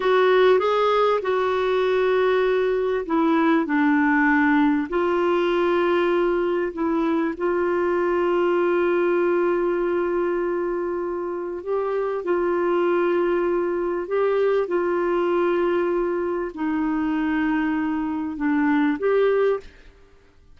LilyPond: \new Staff \with { instrumentName = "clarinet" } { \time 4/4 \tempo 4 = 98 fis'4 gis'4 fis'2~ | fis'4 e'4 d'2 | f'2. e'4 | f'1~ |
f'2. g'4 | f'2. g'4 | f'2. dis'4~ | dis'2 d'4 g'4 | }